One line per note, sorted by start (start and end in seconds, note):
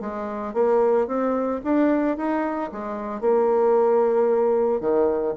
0.00 0.53 G#3
0.53 1.07 A#3
1.07 1.60 C4
1.64 2.17 D4
2.17 2.70 D#4
2.72 3.20 G#3
3.20 4.80 A#3
4.80 5.34 D#3